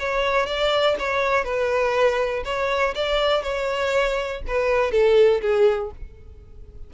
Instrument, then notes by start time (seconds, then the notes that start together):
violin
0.00 C#5
0.47 D5
0.99 C#5
1.45 B4
2.45 C#5
2.95 D5
3.43 C#5
4.48 B4
4.92 A4
5.42 G#4